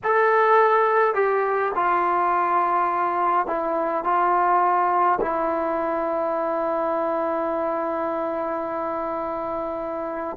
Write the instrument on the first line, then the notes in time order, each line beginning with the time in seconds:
trombone
0.03 A4
1.14 G4
1.75 F4
3.46 E4
4.04 F4
5.21 E4